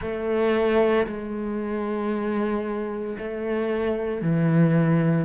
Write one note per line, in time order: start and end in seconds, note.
0.01 1.06 A3
1.07 3.17 G#3
3.18 4.21 A3
4.21 5.25 E3